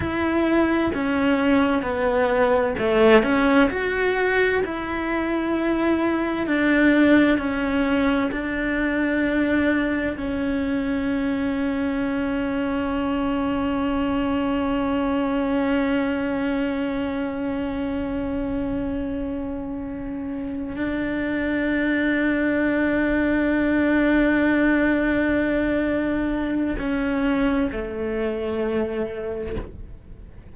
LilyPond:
\new Staff \with { instrumentName = "cello" } { \time 4/4 \tempo 4 = 65 e'4 cis'4 b4 a8 cis'8 | fis'4 e'2 d'4 | cis'4 d'2 cis'4~ | cis'1~ |
cis'1~ | cis'2~ cis'8 d'4.~ | d'1~ | d'4 cis'4 a2 | }